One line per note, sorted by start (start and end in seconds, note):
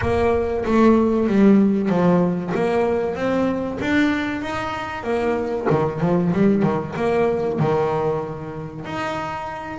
0.01 0.64 A#3
0.65 1.27 A3
1.27 1.89 G3
1.89 2.52 F3
2.54 3.15 A#3
3.15 3.78 C4
3.80 4.41 D4
4.41 5.03 D#4
5.03 5.66 A#3
5.70 6.00 D#3
6.00 6.32 F3
6.32 6.62 G3
6.62 6.94 D#3
6.96 7.59 A#3
7.59 8.84 D#3
8.84 9.78 D#4